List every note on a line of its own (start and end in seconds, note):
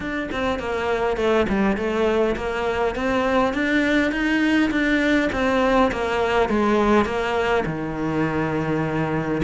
0.00 0.29 D4
0.31 0.59 C4
0.59 1.16 A#3
1.16 1.46 A3
1.48 1.76 G3
1.76 2.35 A3
2.36 2.95 A#3
2.95 3.53 C4
3.53 4.11 D4
4.11 4.70 D#4
4.71 5.29 D4
5.32 5.91 C4
5.91 6.49 A#3
6.49 7.05 G#3
7.05 7.64 A#3
7.65 9.42 D#3